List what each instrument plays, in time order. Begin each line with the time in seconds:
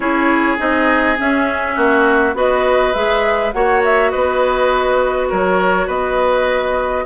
0.00 bassoon C#4, clarinet E4, oboe G#4, flute C#5
0.57 bassoon C4, clarinet D#4, flute D#5
1.17 clarinet C#4, bassoon C#4, flute E5
1.75 bassoon A#3, oboe F#4
2.34 bassoon B3, clarinet F#4, oboe B4, flute D#5
2.93 bassoon G#3, clarinet G#4, flute E5
3.52 bassoon A#3, clarinet F#4, oboe C#5, flute F#5
3.84 flute E5
4.10 bassoon B3, oboe B4, flute D#5
5.29 bassoon F#3, oboe A#4, flute C#5
5.86 bassoon B3, oboe B4, flute D#5